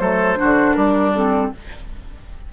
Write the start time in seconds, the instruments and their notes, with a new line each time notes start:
0.00 bassoon F#3, clarinet A3, oboe A4, flute C5
0.36 clarinet D4, oboe F#4
0.43 bassoon D3
0.74 bassoon G3, oboe D4, flute A#4
1.15 clarinet C4, flute A4